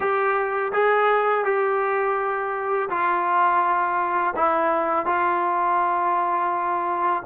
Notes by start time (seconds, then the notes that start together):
0.00 G4
0.72 G#4
1.44 G4
2.89 F4
4.36 E4
5.06 F4